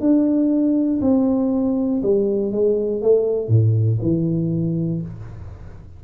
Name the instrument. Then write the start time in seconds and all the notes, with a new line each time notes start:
tuba
0.00 D4
1.01 C4
2.03 G3
2.52 G#3
3.01 A3
3.48 A2
4.02 E3